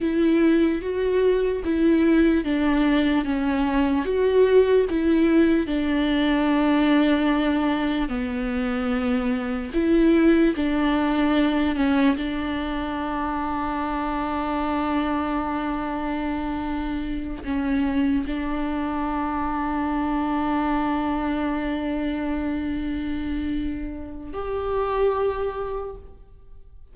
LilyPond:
\new Staff \with { instrumentName = "viola" } { \time 4/4 \tempo 4 = 74 e'4 fis'4 e'4 d'4 | cis'4 fis'4 e'4 d'4~ | d'2 b2 | e'4 d'4. cis'8 d'4~ |
d'1~ | d'4. cis'4 d'4.~ | d'1~ | d'2 g'2 | }